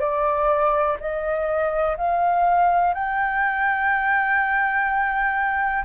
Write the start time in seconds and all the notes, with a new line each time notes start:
0.00 D5
1.00 D#5
1.97 F5
2.94 G5